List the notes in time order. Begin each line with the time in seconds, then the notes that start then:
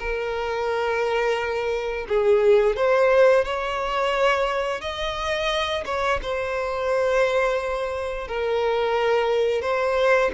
0.00 A#4
2.08 G#4
2.76 C5
3.45 C#5
4.81 D#5
5.86 C#5
6.23 C5
8.28 A#4
9.62 C5